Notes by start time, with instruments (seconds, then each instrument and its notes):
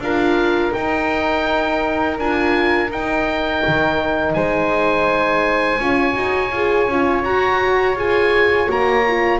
0.00 double bass D4, horn F4, flute A#4, oboe F5
0.74 horn D#4, double bass D#4, oboe G5
2.19 double bass D4, horn F4, oboe G#5
2.91 double bass D#4, horn D#4, oboe G5
3.68 double bass D#3
4.34 double bass G#3, flute C5, oboe G#5
5.79 double bass C#4, horn F4, flute C#5
6.14 double bass D#4, horn F#4
6.52 double bass F4, horn G#4
6.87 double bass C#4, horn F4
7.24 horn F#4, double bass F#4, oboe A#5
7.96 double bass F4, horn G#4, oboe G#5
8.68 double bass A#3, horn F#4, oboe A#5
9.07 horn F4